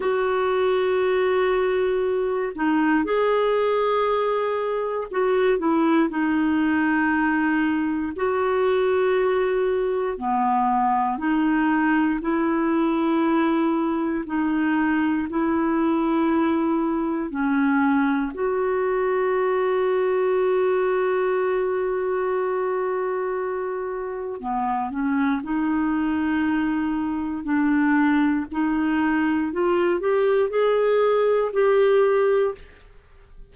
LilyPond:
\new Staff \with { instrumentName = "clarinet" } { \time 4/4 \tempo 4 = 59 fis'2~ fis'8 dis'8 gis'4~ | gis'4 fis'8 e'8 dis'2 | fis'2 b4 dis'4 | e'2 dis'4 e'4~ |
e'4 cis'4 fis'2~ | fis'1 | b8 cis'8 dis'2 d'4 | dis'4 f'8 g'8 gis'4 g'4 | }